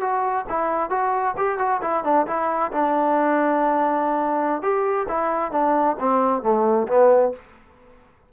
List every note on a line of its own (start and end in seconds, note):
0.00 0.45 F#4
0.49 0.90 E4
0.90 1.35 F#4
1.37 1.58 G4
1.58 1.81 F#4
1.81 2.04 E4
2.04 2.26 D4
2.27 2.71 E4
2.72 4.62 D4
4.62 5.07 G4
5.08 5.52 E4
5.52 5.96 D4
5.99 6.42 C4
6.42 6.87 A3
6.88 7.32 B3